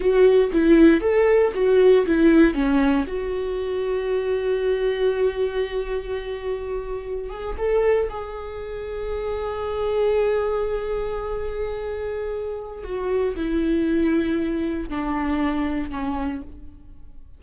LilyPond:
\new Staff \with { instrumentName = "viola" } { \time 4/4 \tempo 4 = 117 fis'4 e'4 a'4 fis'4 | e'4 cis'4 fis'2~ | fis'1~ | fis'2~ fis'16 gis'8 a'4 gis'16~ |
gis'1~ | gis'1~ | gis'4 fis'4 e'2~ | e'4 d'2 cis'4 | }